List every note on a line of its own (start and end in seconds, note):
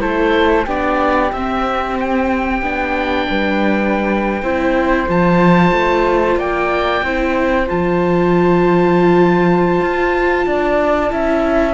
0.00 0.66 A3
0.00 0.65 E4
0.00 0.65 A4
0.00 0.65 C5
0.65 1.31 B3
0.65 1.32 D4
0.65 3.26 G4
0.65 1.32 D5
1.32 2.61 C4
1.32 2.63 C4
1.32 1.97 E5
2.00 5.09 G5
2.61 3.27 B3
2.61 4.42 D4
3.28 4.42 G3
3.28 4.42 B4
4.42 5.07 C4
4.42 5.08 E4
4.42 6.38 C5
5.08 5.71 F3
5.08 7.04 F4
5.08 6.39 A5
5.71 6.36 A3
6.36 7.01 A#3
6.36 7.03 D5
6.36 7.68 G5
7.02 7.67 C4
7.02 7.67 E4
7.02 10.46 C5
7.67 9.81 F3
7.67 11.09 F4
7.67 11.73 A5
9.81 10.46 F4
10.46 11.11 D4
10.46 11.11 D5
11.10 11.73 C#4
11.10 11.73 E4
11.10 11.73 E5